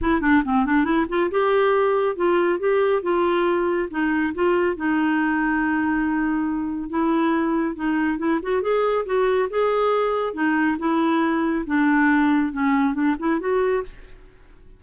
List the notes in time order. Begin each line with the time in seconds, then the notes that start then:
0.01 E4
0.21 D4
0.44 C4
0.65 D4
0.84 E4
1.08 F4
1.30 G4
2.16 F4
2.59 G4
3.02 F4
3.90 D#4
4.34 F4
4.76 D#4
6.89 E4
7.75 D#4
8.18 E4
8.42 F#4
8.62 G#4
9.05 F#4
9.50 G#4
10.33 D#4
10.78 E4
11.66 D4
12.52 C#4
12.94 D4
13.19 E4
13.39 F#4